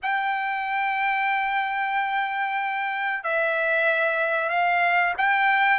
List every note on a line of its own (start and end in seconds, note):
0.02 3.23 G5
3.23 4.49 E5
4.49 5.13 F5
5.17 5.79 G5